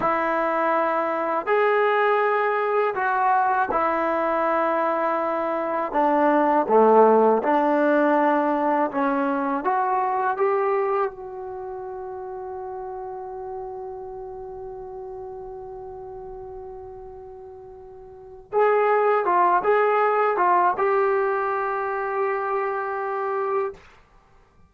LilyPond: \new Staff \with { instrumentName = "trombone" } { \time 4/4 \tempo 4 = 81 e'2 gis'2 | fis'4 e'2. | d'4 a4 d'2 | cis'4 fis'4 g'4 fis'4~ |
fis'1~ | fis'1~ | fis'4 gis'4 f'8 gis'4 f'8 | g'1 | }